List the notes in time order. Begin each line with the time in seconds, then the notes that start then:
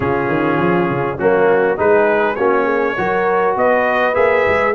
0.00 C#3 C#4 F4 G#4
0.28 D#3
0.59 F3
0.90 C#3
1.16 F#3 A#3 C#4 F#4
1.76 G#3 D#4 G#4 B4
2.35 A#3 C#4 F#4 C#5
2.63 G#4
2.97 F#3 F#4 A#4
3.56 B3 B4 D#5
4.13 A#3 G#4 E5
4.48 G#3